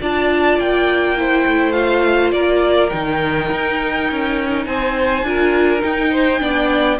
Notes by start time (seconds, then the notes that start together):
0.00 D4 F4 D5 A5
0.57 A#3 G5
1.17 E4 C5
1.46 A3
1.72 F4 F5
2.31 A#3 A#4 D5
2.89 D#3 D#4 G5
3.51 D#4
4.10 C#4
4.65 C4 C5 G#5
5.23 D4 F4 A#4
5.79 D#4 G5
6.11 C5
6.39 B3 D4 D5